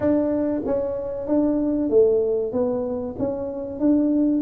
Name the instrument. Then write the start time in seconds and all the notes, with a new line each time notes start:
tuba
0.00 D4
0.65 C#4
1.27 D4
1.89 A3
2.52 B3
3.19 C#4
3.79 D4